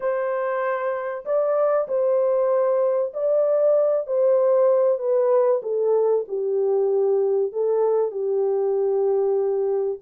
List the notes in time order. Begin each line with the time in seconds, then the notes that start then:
0.00 C5
1.25 D5
1.88 C5
3.13 D5
4.06 C5
4.98 B4
5.62 A4
6.28 G4
7.52 A4
8.11 G4